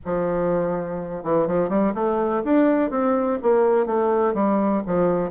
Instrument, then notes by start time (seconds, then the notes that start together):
bassoon
0.05 F3
1.23 E3
1.47 F3
1.69 G3
1.94 A3
2.44 D4
2.90 C4
3.42 A#3
3.86 A3
4.34 G3
4.86 F3